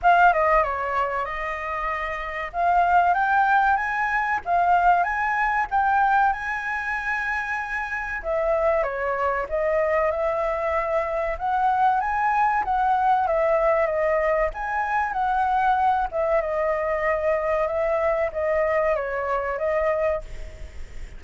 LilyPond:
\new Staff \with { instrumentName = "flute" } { \time 4/4 \tempo 4 = 95 f''8 dis''8 cis''4 dis''2 | f''4 g''4 gis''4 f''4 | gis''4 g''4 gis''2~ | gis''4 e''4 cis''4 dis''4 |
e''2 fis''4 gis''4 | fis''4 e''4 dis''4 gis''4 | fis''4. e''8 dis''2 | e''4 dis''4 cis''4 dis''4 | }